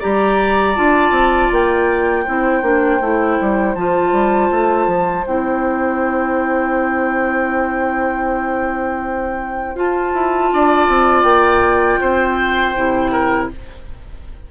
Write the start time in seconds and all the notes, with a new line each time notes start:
0.00 G3 G4 D5 A#5
0.76 D4 F4 A5
1.11 C4
1.51 A#3 G5
2.24 C4 E4 C5
2.62 A#3 D4
3.01 A3 E4
3.40 G3
3.75 F3 F4 A5
4.12 G3
4.51 A3
4.87 F3
5.26 C4 E4 G5
9.75 F4 A5
10.14 E4
10.53 D4 D5
10.89 C4
11.23 A#3 G5
12.01 C4 C5
12.76 C3 E4
13.12 A#4